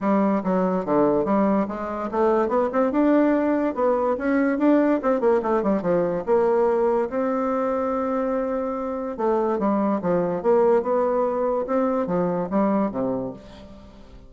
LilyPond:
\new Staff \with { instrumentName = "bassoon" } { \time 4/4 \tempo 4 = 144 g4 fis4 d4 g4 | gis4 a4 b8 c'8 d'4~ | d'4 b4 cis'4 d'4 | c'8 ais8 a8 g8 f4 ais4~ |
ais4 c'2.~ | c'2 a4 g4 | f4 ais4 b2 | c'4 f4 g4 c4 | }